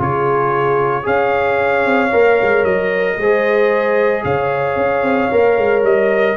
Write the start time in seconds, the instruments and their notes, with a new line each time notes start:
0.00 tuba C#3, trombone F4, horn G#4, trumpet C#5
1.03 tuba C#4, trombone G#4, horn C#5, trumpet F5
1.86 tuba C4
2.12 tuba A#3, trombone A#4
2.42 tuba G#3
2.64 tuba F#3, trumpet D#5
3.18 tuba G#3, trombone G#4, horn C5
4.24 tuba C#3, horn C#5, trumpet F5
4.77 tuba C#4
5.03 tuba C4
5.32 tuba A#3, trombone A#4
5.58 tuba G#3
5.83 tuba G3, trumpet D#5